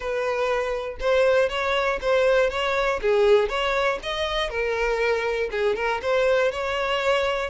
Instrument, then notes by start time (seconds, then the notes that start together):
violin
0.00 B4
1.00 C5
1.49 C#5
2.01 C5
2.50 C#5
3.01 G#4
3.49 C#5
4.02 D#5
4.49 A#4
5.51 G#4
5.75 A#4
6.02 C5
6.51 C#5